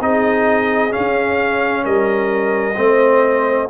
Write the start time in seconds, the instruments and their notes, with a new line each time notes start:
0.00 tuba C4, trombone D#4, horn G#4, trumpet D#5
0.90 trombone C#4, trumpet F5
0.97 tuba C#4
1.84 tuba G3, horn A#4, trumpet D#5
2.76 tuba A3, trombone C4, horn C5